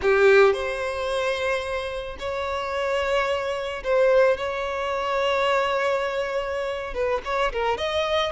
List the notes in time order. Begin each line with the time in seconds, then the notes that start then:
0.01 G4
0.53 C5
2.19 C#5
3.83 C5
4.37 C#5
6.94 B4
7.24 C#5
7.52 A#4
7.77 D#5